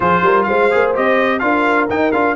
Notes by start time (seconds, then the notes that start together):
0.00 F3 F4 G#4 C5
0.22 G3 A#4
0.43 G#3 C5 F5
0.70 A#3 G#4
0.94 C4 G4 D#5
1.39 D4 F4 A#4 F5
1.89 D#4 G5
2.11 D4 F4 F5